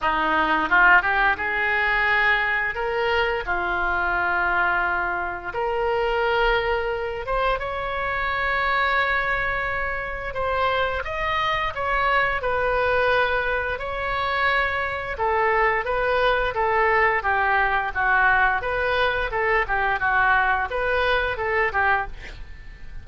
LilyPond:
\new Staff \with { instrumentName = "oboe" } { \time 4/4 \tempo 4 = 87 dis'4 f'8 g'8 gis'2 | ais'4 f'2. | ais'2~ ais'8 c''8 cis''4~ | cis''2. c''4 |
dis''4 cis''4 b'2 | cis''2 a'4 b'4 | a'4 g'4 fis'4 b'4 | a'8 g'8 fis'4 b'4 a'8 g'8 | }